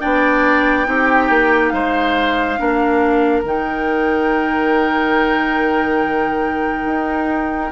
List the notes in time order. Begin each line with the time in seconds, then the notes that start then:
0.00 B3 D4 D5 G5
0.84 C4 D#4 G4
1.29 A#3
1.69 G#3 C5 F5
2.57 A#3 D4 A#4
3.43 D#3 D#4 G5
6.85 D#4